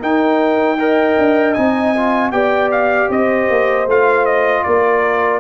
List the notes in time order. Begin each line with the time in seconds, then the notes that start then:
0.00 D#4 A#4 G5
0.79 A#4 D#5
1.18 D4
1.53 C4 D#4 G#5
1.96 F4
2.31 B3 G4 D5 G5
2.71 F5
3.09 C4 C5 D#5
3.50 A#3
3.86 A3 F4 F5
4.25 D#5
4.63 A#3 A#4 D5